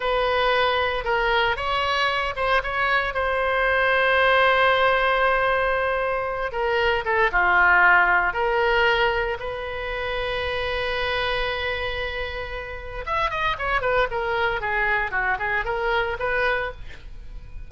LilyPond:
\new Staff \with { instrumentName = "oboe" } { \time 4/4 \tempo 4 = 115 b'2 ais'4 cis''4~ | cis''8 c''8 cis''4 c''2~ | c''1~ | c''8 ais'4 a'8 f'2 |
ais'2 b'2~ | b'1~ | b'4 e''8 dis''8 cis''8 b'8 ais'4 | gis'4 fis'8 gis'8 ais'4 b'4 | }